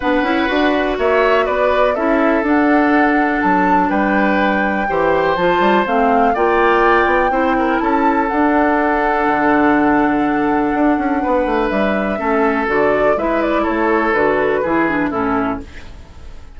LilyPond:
<<
  \new Staff \with { instrumentName = "flute" } { \time 4/4 \tempo 4 = 123 fis''2 e''4 d''4 | e''4 fis''2 a''4 | g''2. a''4 | f''4 g''2. |
a''4 fis''2.~ | fis''1 | e''2 d''4 e''8 d''8 | cis''4 b'2 a'4 | }
  \new Staff \with { instrumentName = "oboe" } { \time 4/4 b'2 cis''4 b'4 | a'1 | b'2 c''2~ | c''4 d''2 c''8 ais'8 |
a'1~ | a'2. b'4~ | b'4 a'2 b'4 | a'2 gis'4 e'4 | }
  \new Staff \with { instrumentName = "clarinet" } { \time 4/4 d'8 e'8 fis'2. | e'4 d'2.~ | d'2 g'4 f'4 | c'4 f'2 e'4~ |
e'4 d'2.~ | d'1~ | d'4 cis'4 fis'4 e'4~ | e'4 fis'4 e'8 d'8 cis'4 | }
  \new Staff \with { instrumentName = "bassoon" } { \time 4/4 b8 cis'8 d'4 ais4 b4 | cis'4 d'2 fis4 | g2 e4 f8 g8 | a4 ais4. b8 c'4 |
cis'4 d'2 d4~ | d2 d'8 cis'8 b8 a8 | g4 a4 d4 gis4 | a4 d4 e4 a,4 | }
>>